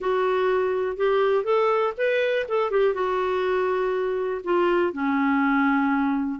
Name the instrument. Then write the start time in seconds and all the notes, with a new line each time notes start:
clarinet
0.00 F#4
0.96 G4
1.44 A4
1.97 B4
2.48 A4
2.70 G4
2.94 F#4
4.44 F4
4.92 C#4